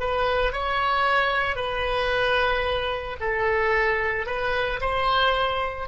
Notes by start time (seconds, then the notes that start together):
0.00 B4
0.53 C#5
1.56 B4
3.20 A4
4.27 B4
4.81 C5